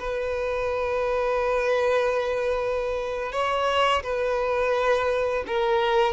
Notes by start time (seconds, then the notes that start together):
0.00 B4
3.33 C#5
4.04 B4
5.48 A#4